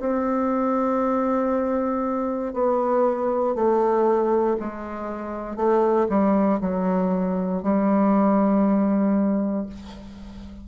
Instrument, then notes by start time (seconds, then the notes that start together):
bassoon
0.00 C4
2.53 B3
3.55 A3
4.60 G#3
5.56 A3
6.09 G3
6.61 F#3
7.63 G3